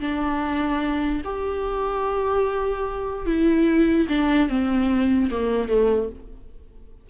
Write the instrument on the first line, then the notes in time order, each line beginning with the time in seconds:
viola
0.00 D4
1.25 G4
3.26 E4
4.09 D4
4.49 C4
5.31 A#3
5.69 A3